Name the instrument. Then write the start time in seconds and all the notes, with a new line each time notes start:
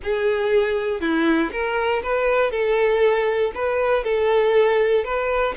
violin
0.03 G#4
1.00 E4
1.51 A#4
2.02 B4
2.51 A4
3.54 B4
4.03 A4
5.04 B4